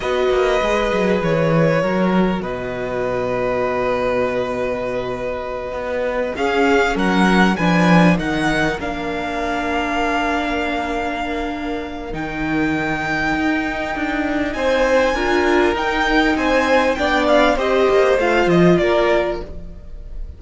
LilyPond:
<<
  \new Staff \with { instrumentName = "violin" } { \time 4/4 \tempo 4 = 99 dis''2 cis''2 | dis''1~ | dis''2~ dis''8 f''4 fis''8~ | fis''8 gis''4 fis''4 f''4.~ |
f''1 | g''1 | gis''2 g''4 gis''4 | g''8 f''8 dis''4 f''8 dis''8 d''4 | }
  \new Staff \with { instrumentName = "violin" } { \time 4/4 b'2. ais'4 | b'1~ | b'2~ b'8 gis'4 ais'8~ | ais'8 b'4 ais'2~ ais'8~ |
ais'1~ | ais'1 | c''4 ais'2 c''4 | d''4 c''2 ais'4 | }
  \new Staff \with { instrumentName = "viola" } { \time 4/4 fis'4 gis'2 fis'4~ | fis'1~ | fis'2~ fis'8 cis'4.~ | cis'8 d'4 dis'4 d'4.~ |
d'1 | dis'1~ | dis'4 f'4 dis'2 | d'4 g'4 f'2 | }
  \new Staff \with { instrumentName = "cello" } { \time 4/4 b8 ais8 gis8 fis8 e4 fis4 | b,1~ | b,4. b4 cis'4 fis8~ | fis8 f4 dis4 ais4.~ |
ais1 | dis2 dis'4 d'4 | c'4 d'4 dis'4 c'4 | b4 c'8 ais8 a8 f8 ais4 | }
>>